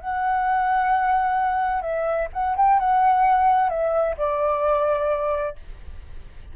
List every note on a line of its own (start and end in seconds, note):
0.00 1.82 F#5
1.82 2.28 E5
2.33 2.56 F#5
2.57 2.79 G5
2.79 3.69 F#5
3.69 4.15 E5
4.17 5.56 D5